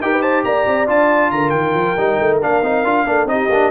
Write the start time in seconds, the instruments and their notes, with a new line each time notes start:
0.00 tuba D#4, trombone G4, horn A#4, trumpet G5
0.12 horn B4
0.21 horn C5, trumpet A5
0.44 tuba A#3, horn D5, trumpet A#5
0.67 tuba C4
0.86 tuba D4, trombone F4, trumpet A5
1.31 tuba D3, horn A#4, trumpet A#5
1.49 tuba D#3, trumpet G5
1.74 tuba F3
1.96 tuba G3, trombone D#4
2.20 tuba A3
2.41 tuba A#3, trombone D4, trumpet F5
2.62 tuba C4, trombone D#4
2.83 tuba D4, trombone F4
3.06 tuba A#3, trombone D4, horn A4
3.24 tuba C4, trombone D#4, trumpet D#5
3.30 horn G4
3.49 tuba A#3, trombone D4